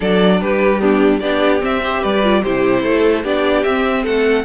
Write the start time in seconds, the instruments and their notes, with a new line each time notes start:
0.00 cello F#3, viola D4, violin A4 D5
0.40 cello G3, violin G4 B4
0.79 viola B3, violin D4 G4
1.19 cello B3, viola D4, violin G4 D5
1.59 viola C4, cello C4, violin E5
1.83 viola G4, violin C5
2.00 cello G3, violin B4 D5
2.23 viola F4
2.43 cello C3, viola E4, violin G4 C5
2.83 cello A3, violin A4
3.23 cello B3, viola D4, violin G4 D5
3.63 cello C4, viola C4, violin E5
4.02 cello A3, violin A4 F#5